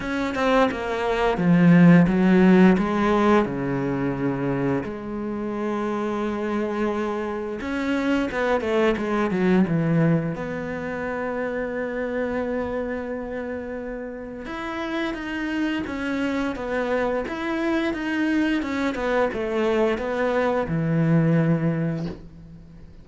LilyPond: \new Staff \with { instrumentName = "cello" } { \time 4/4 \tempo 4 = 87 cis'8 c'8 ais4 f4 fis4 | gis4 cis2 gis4~ | gis2. cis'4 | b8 a8 gis8 fis8 e4 b4~ |
b1~ | b4 e'4 dis'4 cis'4 | b4 e'4 dis'4 cis'8 b8 | a4 b4 e2 | }